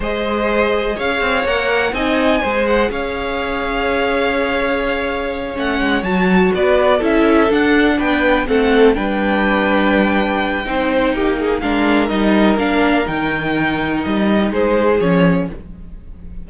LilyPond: <<
  \new Staff \with { instrumentName = "violin" } { \time 4/4 \tempo 4 = 124 dis''2 f''4 fis''4 | gis''4. fis''8 f''2~ | f''2.~ f''8 fis''8~ | fis''8 a''4 d''4 e''4 fis''8~ |
fis''8 g''4 fis''4 g''4.~ | g''1 | f''4 dis''4 f''4 g''4~ | g''4 dis''4 c''4 cis''4 | }
  \new Staff \with { instrumentName = "violin" } { \time 4/4 c''2 cis''2 | dis''4 c''4 cis''2~ | cis''1~ | cis''4. b'4 a'4.~ |
a'8 b'4 a'4 b'4.~ | b'2 c''4 g'8 gis'8 | ais'1~ | ais'2 gis'2 | }
  \new Staff \with { instrumentName = "viola" } { \time 4/4 gis'2. ais'4 | dis'4 gis'2.~ | gis'2.~ gis'8 cis'8~ | cis'8 fis'2 e'4 d'8~ |
d'4. c'4 d'4.~ | d'2 dis'2 | d'4 dis'4 d'4 dis'4~ | dis'2. cis'4 | }
  \new Staff \with { instrumentName = "cello" } { \time 4/4 gis2 cis'8 c'8 ais4 | c'4 gis4 cis'2~ | cis'2.~ cis'8 a8 | gis8 fis4 b4 cis'4 d'8~ |
d'8 b4 a4 g4.~ | g2 c'4 ais4 | gis4 g4 ais4 dis4~ | dis4 g4 gis4 f4 | }
>>